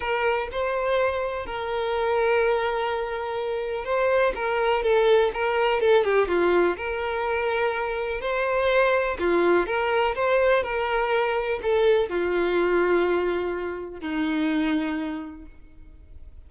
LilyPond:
\new Staff \with { instrumentName = "violin" } { \time 4/4 \tempo 4 = 124 ais'4 c''2 ais'4~ | ais'1 | c''4 ais'4 a'4 ais'4 | a'8 g'8 f'4 ais'2~ |
ais'4 c''2 f'4 | ais'4 c''4 ais'2 | a'4 f'2.~ | f'4 dis'2. | }